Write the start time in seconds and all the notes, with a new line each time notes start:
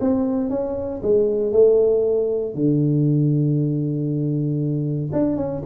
0.00 C4
0.50 C#4
1.02 G#3
1.52 A3
2.54 D3
5.12 D4
5.36 C#4